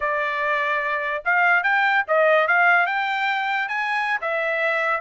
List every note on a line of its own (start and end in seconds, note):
0.00 1.23 D5
1.24 1.63 F5
1.63 2.04 G5
2.07 2.47 D#5
2.47 2.86 F5
2.86 3.68 G5
3.68 4.19 G#5
4.21 5.00 E5